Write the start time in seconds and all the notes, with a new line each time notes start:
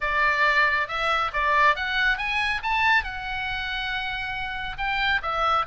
0.00 D5
0.87 E5
1.33 D5
1.75 F#5
2.17 G#5
2.62 A5
3.03 F#5
4.77 G5
5.22 E5